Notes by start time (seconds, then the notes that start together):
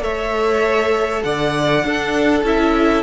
0.00 A3 A4 C#5 E5
1.23 D3 D5 F#5
1.84 D4 A4
2.43 C#4 E4 E5